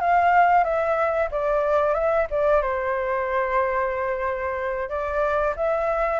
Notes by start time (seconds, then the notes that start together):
0.00 F5
0.64 E5
1.31 D5
1.94 E5
2.30 D5
2.62 C5
4.89 D5
5.56 E5